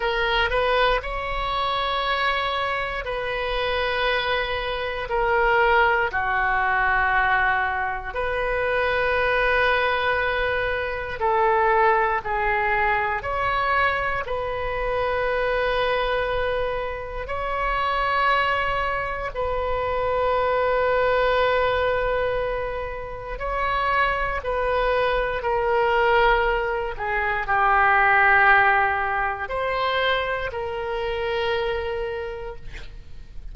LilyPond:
\new Staff \with { instrumentName = "oboe" } { \time 4/4 \tempo 4 = 59 ais'8 b'8 cis''2 b'4~ | b'4 ais'4 fis'2 | b'2. a'4 | gis'4 cis''4 b'2~ |
b'4 cis''2 b'4~ | b'2. cis''4 | b'4 ais'4. gis'8 g'4~ | g'4 c''4 ais'2 | }